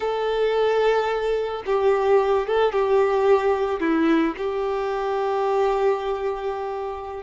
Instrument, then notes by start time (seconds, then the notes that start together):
violin
0.00 A4
1.66 G4
2.47 A4
2.72 G4
3.80 E4
4.37 G4